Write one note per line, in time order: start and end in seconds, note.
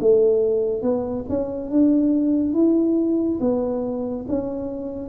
0.00 0.82 A3
0.82 1.25 B3
1.29 1.70 C#4
1.70 2.53 D4
2.53 3.39 E4
3.40 4.26 B3
4.29 5.09 C#4